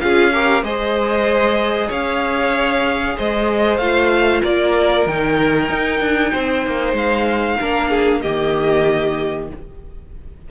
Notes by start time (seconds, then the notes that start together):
0.00 C#4 F4 G#4 F5
0.33 G4 A#4
0.62 G#3 G#4 C5 D#5
1.88 C#4 C#5 F5
3.16 G#3 C5 D#5
3.77 A3 F4 F5
4.41 A#3 A#4 D5
5.06 D#3 D#4 G5
5.69 D#4
6.00 D4
6.31 C4 C5
6.66 A#3
6.93 G#3 F5
7.60 A#3 D4 A#4
7.89 G#4
8.21 D#3 A#3 G4 D#5